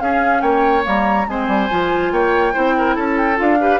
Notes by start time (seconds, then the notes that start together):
0.00 C#4 G#4 F5
0.41 A#3 C#5 G5
0.82 G3 A#3 A#5
1.28 G#3 C4 C5 G#5
1.48 G3
1.70 F3 F4
2.12 A#3 C#5 G5
2.53 C4 E4 C5
2.78 A#4
2.95 C#4 A4 A5
3.17 G5
3.36 D4 F4 F5
3.60 G4 B4